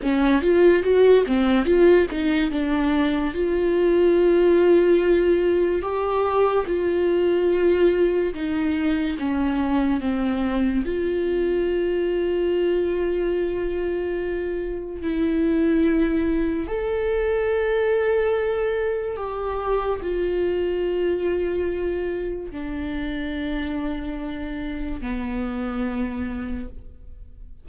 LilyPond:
\new Staff \with { instrumentName = "viola" } { \time 4/4 \tempo 4 = 72 cis'8 f'8 fis'8 c'8 f'8 dis'8 d'4 | f'2. g'4 | f'2 dis'4 cis'4 | c'4 f'2.~ |
f'2 e'2 | a'2. g'4 | f'2. d'4~ | d'2 b2 | }